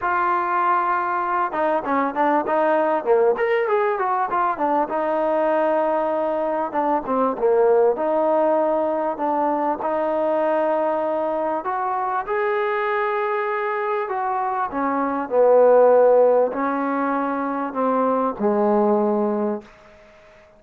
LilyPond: \new Staff \with { instrumentName = "trombone" } { \time 4/4 \tempo 4 = 98 f'2~ f'8 dis'8 cis'8 d'8 | dis'4 ais8 ais'8 gis'8 fis'8 f'8 d'8 | dis'2. d'8 c'8 | ais4 dis'2 d'4 |
dis'2. fis'4 | gis'2. fis'4 | cis'4 b2 cis'4~ | cis'4 c'4 gis2 | }